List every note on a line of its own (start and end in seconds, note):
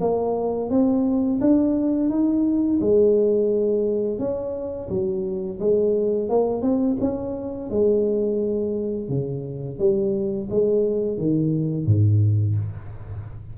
0.00 0.70 A#3
0.70 1.40 C4
1.40 2.10 D4
2.10 2.79 D#4
2.80 4.19 G#3
4.19 4.88 C#4
4.89 5.59 F#3
5.59 6.29 G#3
6.29 6.62 A#3
6.62 6.97 C4
7.00 7.70 C#4
7.70 9.09 G#3
9.09 9.78 C#3
9.79 10.48 G3
10.50 11.17 G#3
11.17 11.86 D#3
11.86 12.55 G#2